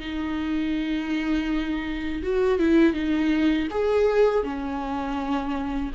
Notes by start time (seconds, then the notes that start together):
0.00 D#4
2.23 F#4
2.59 E4
2.94 D#4
3.71 G#4
4.43 C#4